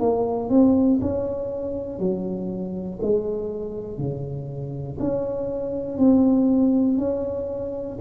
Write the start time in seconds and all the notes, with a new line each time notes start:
0.00 A#3
0.50 C4
1.01 C#4
2.00 F#3
3.03 G#3
3.99 C#3
5.00 C#4
5.99 C4
6.99 C#4